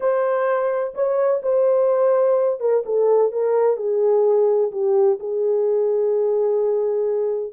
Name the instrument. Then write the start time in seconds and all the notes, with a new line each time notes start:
horn
0.00 C5
0.94 C#5
1.42 C5
2.60 A#4
2.85 A4
3.32 A#4
3.76 G#4
4.71 G4
5.19 G#4